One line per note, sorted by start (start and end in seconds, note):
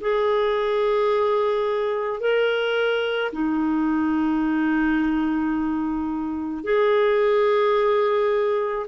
0.00 2.20 G#4
2.20 3.31 A#4
3.32 6.64 D#4
6.64 8.86 G#4